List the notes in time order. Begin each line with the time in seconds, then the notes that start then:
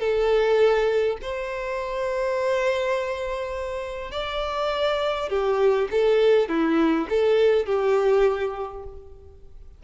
0.00 A4
1.22 C5
4.12 D5
5.30 G4
5.91 A4
6.49 E4
7.09 A4
7.66 G4